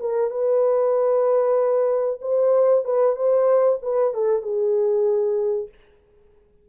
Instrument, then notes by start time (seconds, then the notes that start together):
horn
0.00 A#4
0.30 B4
2.21 C5
2.84 B4
3.16 C5
3.82 B4
4.14 A4
4.42 G#4